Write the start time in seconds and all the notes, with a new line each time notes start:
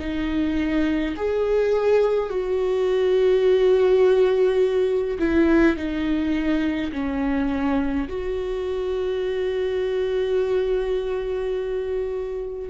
0.00 D#4
1.17 G#4
2.30 F#4
5.19 E4
5.76 D#4
6.93 C#4
8.09 F#4